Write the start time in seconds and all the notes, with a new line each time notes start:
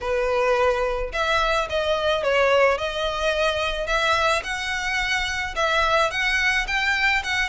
0.00 B4
1.12 E5
1.69 D#5
2.23 C#5
2.78 D#5
3.86 E5
4.43 F#5
5.55 E5
6.10 F#5
6.67 G5
7.23 F#5